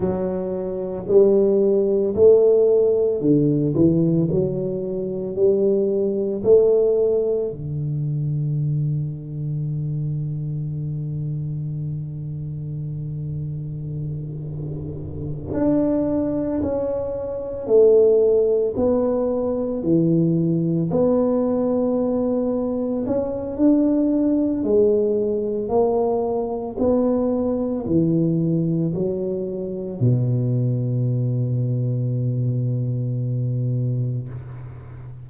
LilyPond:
\new Staff \with { instrumentName = "tuba" } { \time 4/4 \tempo 4 = 56 fis4 g4 a4 d8 e8 | fis4 g4 a4 d4~ | d1~ | d2~ d8 d'4 cis'8~ |
cis'8 a4 b4 e4 b8~ | b4. cis'8 d'4 gis4 | ais4 b4 e4 fis4 | b,1 | }